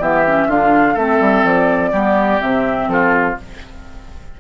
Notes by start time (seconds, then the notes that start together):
0.00 E3 B3 G4 E5
0.27 C#4
0.47 D3 D4 F4 F5
0.94 A3 C4 A4 E5
1.21 G3
1.44 F3 D5
1.92 G3 B3 G4
2.40 C3 C4 E5
2.88 F3 F4 A4